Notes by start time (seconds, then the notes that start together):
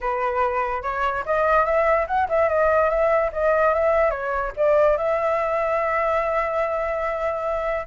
0.00 B4
0.82 C#5
1.25 D#5
1.65 E5
2.07 F#5
2.29 E5
2.48 D#5
2.89 E5
3.32 D#5
3.74 E5
4.10 C#5
4.56 D5
4.97 E5